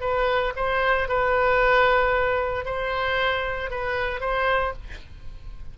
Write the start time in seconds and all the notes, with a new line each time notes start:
0.00 B4
0.56 C5
1.08 B4
2.65 C5
3.70 B4
4.20 C5